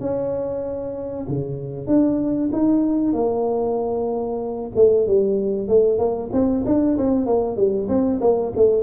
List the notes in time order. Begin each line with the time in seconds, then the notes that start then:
0.00 C#4
1.28 C#3
1.87 D4
2.53 D#4
3.13 A#3
4.75 A3
5.07 G3
5.68 A3
5.99 A#3
6.33 C4
6.66 D4
6.98 C4
7.26 A#3
7.57 G3
7.89 C4
8.21 A#3
8.56 A3